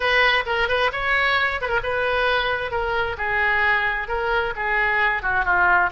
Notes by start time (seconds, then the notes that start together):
0.00 B4
0.45 A#4
0.68 B4
0.92 C#5
1.61 B4
1.68 A#4
1.83 B4
2.71 A#4
3.17 G#4
4.08 A#4
4.56 G#4
5.22 F#4
5.44 F4